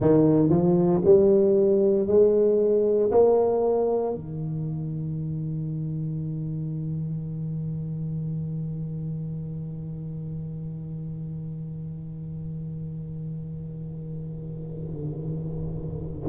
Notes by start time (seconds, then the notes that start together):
0.00 D#3
0.49 F3
1.04 G3
2.07 G#3
3.11 A#3
4.14 D#3